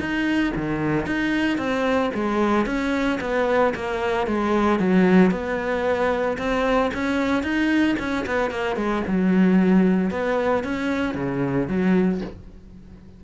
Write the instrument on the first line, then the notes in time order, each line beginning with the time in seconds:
cello
0.00 D#4
0.56 D#3
1.06 D#4
1.58 C4
2.14 G#3
2.66 C#4
3.21 B3
3.75 A#3
4.27 G#3
4.80 F#3
5.31 B3
6.38 C4
6.94 C#4
7.43 D#4
7.99 C#4
8.27 B3
8.51 A#3
8.76 G#3
9.08 F#3
10.11 B3
10.64 C#4
11.15 C#3
11.68 F#3